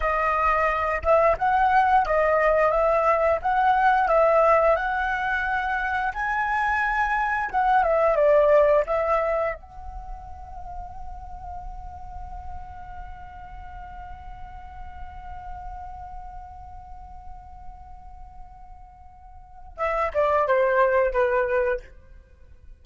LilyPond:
\new Staff \with { instrumentName = "flute" } { \time 4/4 \tempo 4 = 88 dis''4. e''8 fis''4 dis''4 | e''4 fis''4 e''4 fis''4~ | fis''4 gis''2 fis''8 e''8 | d''4 e''4 fis''2~ |
fis''1~ | fis''1~ | fis''1~ | fis''4 e''8 d''8 c''4 b'4 | }